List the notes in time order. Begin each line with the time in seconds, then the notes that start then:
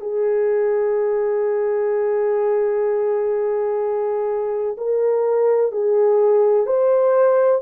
0.00 G#4
4.77 A#4
5.71 G#4
6.66 C5